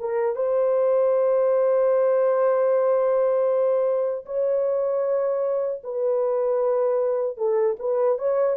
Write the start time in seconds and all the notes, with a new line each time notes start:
0.00 A#4
0.35 C5
4.25 C#5
5.84 B4
7.37 A4
7.79 B4
8.18 C#5